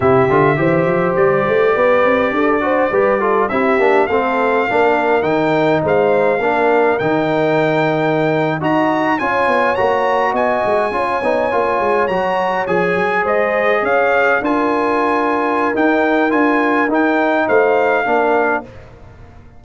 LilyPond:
<<
  \new Staff \with { instrumentName = "trumpet" } { \time 4/4 \tempo 4 = 103 e''2 d''2~ | d''2 e''4 f''4~ | f''4 g''4 f''2 | g''2~ g''8. ais''4 gis''16~ |
gis''8. ais''4 gis''2~ gis''16~ | gis''8. ais''4 gis''4 dis''4 f''16~ | f''8. gis''2~ gis''16 g''4 | gis''4 g''4 f''2 | }
  \new Staff \with { instrumentName = "horn" } { \time 4/4 g'4 c''2 b'4 | a'8 c''8 b'8 a'8 g'4 a'4 | ais'2 c''4 ais'4~ | ais'2~ ais'8. dis''4 cis''16~ |
cis''4.~ cis''16 dis''4 cis''4~ cis''16~ | cis''2~ cis''8. c''4 cis''16~ | cis''8. ais'2.~ ais'16~ | ais'2 c''4 ais'4 | }
  \new Staff \with { instrumentName = "trombone" } { \time 4/4 e'8 f'8 g'2.~ | g'8 fis'8 g'8 f'8 e'8 d'8 c'4 | d'4 dis'2 d'4 | dis'2~ dis'8. fis'4 f'16~ |
f'8. fis'2 f'8 dis'8 f'16~ | f'8. fis'4 gis'2~ gis'16~ | gis'8. f'2~ f'16 dis'4 | f'4 dis'2 d'4 | }
  \new Staff \with { instrumentName = "tuba" } { \time 4/4 c8 d8 e8 f8 g8 a8 b8 c'8 | d'4 g4 c'8 ais8 a4 | ais4 dis4 gis4 ais4 | dis2~ dis8. dis'4 cis'16~ |
cis'16 b8 ais4 b8 gis8 cis'8 b8 ais16~ | ais16 gis8 fis4 f8 fis8 gis4 cis'16~ | cis'8. d'2~ d'16 dis'4 | d'4 dis'4 a4 ais4 | }
>>